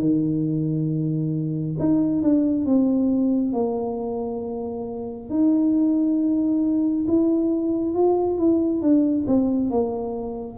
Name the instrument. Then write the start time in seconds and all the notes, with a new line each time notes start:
tuba
0.00 D#3
1.79 D#4
2.23 D4
2.66 C4
3.53 A#3
5.29 D#4
7.07 E4
7.95 F4
8.38 E4
8.82 D4
9.27 C4
9.71 A#3